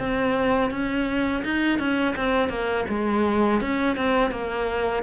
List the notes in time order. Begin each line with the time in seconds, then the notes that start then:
0.00 C4
0.71 C#4
1.45 D#4
1.79 C#4
2.17 C4
2.49 A#3
2.89 G#3
3.61 C#4
3.97 C4
4.31 A#3